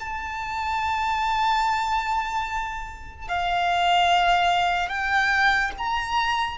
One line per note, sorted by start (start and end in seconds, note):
0.00 3.28 A5
3.28 4.89 F5
4.89 5.71 G5
5.78 6.58 A#5